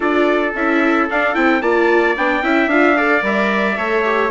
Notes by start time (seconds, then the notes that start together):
0.00 D4 F4 A4 D5
0.54 C#4 E4 E5
1.09 D4 F5
1.33 C4 E4 G5
1.61 A#3 F4 D5 A5
2.17 B3 D4 G5
2.42 C#4 E4 E5
2.67 D4 F4 F5
2.96 A4 D5
3.21 G3 A#4 E5
3.77 A3 A4 C#5
4.04 G4